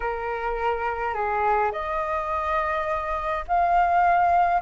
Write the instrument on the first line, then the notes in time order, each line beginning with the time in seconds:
flute
0.00 A#4
1.14 G#4
1.72 D#5
3.47 F5